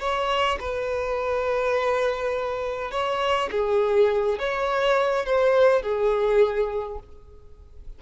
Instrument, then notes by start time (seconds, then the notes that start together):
violin
0.00 C#5
0.60 B4
2.91 C#5
3.51 G#4
4.39 C#5
5.26 C5
5.82 G#4